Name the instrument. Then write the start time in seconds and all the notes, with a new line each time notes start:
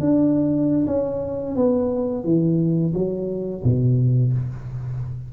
tuba
0.00 D4
0.87 C#4
1.55 B3
2.24 E3
2.94 F#3
3.64 B2